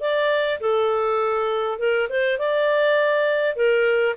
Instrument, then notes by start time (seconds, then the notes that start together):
clarinet
0.00 D5
0.60 A4
1.79 A#4
2.10 C5
2.38 D5
3.56 A#4